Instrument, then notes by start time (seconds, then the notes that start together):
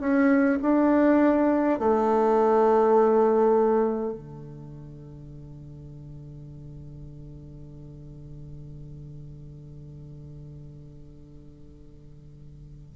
bassoon
0.00 C#4
0.62 D4
1.80 A3
4.13 D3